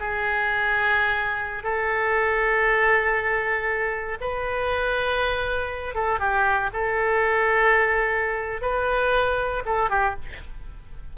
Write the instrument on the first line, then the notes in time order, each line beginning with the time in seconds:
oboe
0.00 G#4
1.64 A4
4.21 B4
5.95 A4
6.20 G4
6.74 A4
8.62 B4
9.66 A4
9.90 G4